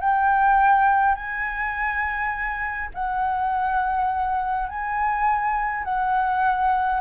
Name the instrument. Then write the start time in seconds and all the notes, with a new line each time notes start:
flute
0.00 G5
1.15 G#5
2.94 F#5
4.68 G#5
5.84 F#5